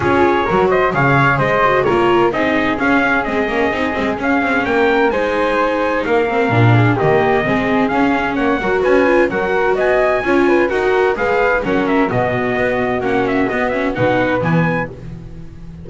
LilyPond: <<
  \new Staff \with { instrumentName = "trumpet" } { \time 4/4 \tempo 4 = 129 cis''4. dis''8 f''4 dis''4 | cis''4 dis''4 f''4 dis''4~ | dis''4 f''4 g''4 gis''4~ | gis''4 f''2 dis''4~ |
dis''4 f''4 fis''4 gis''4 | fis''4 gis''2 fis''4 | f''4 fis''8 e''8 dis''2 | fis''8 e''8 dis''8 e''8 fis''4 gis''4 | }
  \new Staff \with { instrumentName = "flute" } { \time 4/4 gis'4 ais'8 c''8 cis''4 c''4 | ais'4 gis'2.~ | gis'2 ais'4 c''4~ | c''4 ais'4. gis'8 g'4 |
gis'2 cis''8 ais'8 b'4 | ais'4 dis''4 cis''8 b'8 ais'4 | b'4 ais'4 fis'2~ | fis'2 b'2 | }
  \new Staff \with { instrumentName = "viola" } { \time 4/4 f'4 fis'4 gis'4. fis'8 | f'4 dis'4 cis'4 c'8 cis'8 | dis'8 c'8 cis'2 dis'4~ | dis'4. c'8 d'4 ais4 |
c'4 cis'4. fis'4 f'8 | fis'2 f'4 fis'4 | gis'4 cis'4 b2 | cis'4 b8 cis'8 dis'4 b4 | }
  \new Staff \with { instrumentName = "double bass" } { \time 4/4 cis'4 fis4 cis4 gis4 | ais4 c'4 cis'4 gis8 ais8 | c'8 gis8 cis'8 c'8 ais4 gis4~ | gis4 ais4 ais,4 dis4 |
gis4 cis'4 ais8 fis8 cis'4 | fis4 b4 cis'4 dis'4 | gis4 fis4 b,4 b4 | ais4 b4 b,4 e4 | }
>>